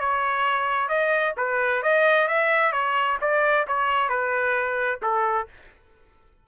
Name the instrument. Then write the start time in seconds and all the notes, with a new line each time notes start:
trumpet
0.00 C#5
0.89 D#5
1.37 B4
1.82 D#5
2.28 E5
2.72 C#5
3.21 D5
3.68 C#5
4.09 B4
5.02 A4